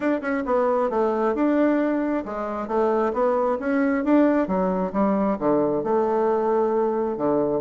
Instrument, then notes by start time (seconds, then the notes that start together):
bassoon
0.00 D4
0.21 C#4
0.45 B3
0.90 A3
1.34 D4
2.25 G#3
2.67 A3
3.13 B3
3.59 C#4
4.04 D4
4.47 F#3
4.93 G3
5.38 D3
5.83 A3
7.17 D3